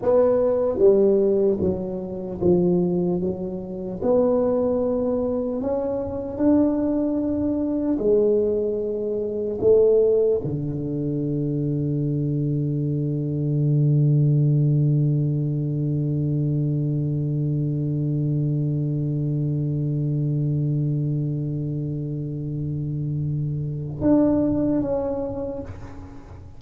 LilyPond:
\new Staff \with { instrumentName = "tuba" } { \time 4/4 \tempo 4 = 75 b4 g4 fis4 f4 | fis4 b2 cis'4 | d'2 gis2 | a4 d2.~ |
d1~ | d1~ | d1~ | d2 d'4 cis'4 | }